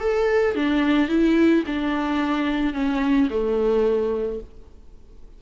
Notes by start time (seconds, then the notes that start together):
0.00 A4
0.55 D4
1.09 E4
1.66 D4
2.74 C#4
3.30 A3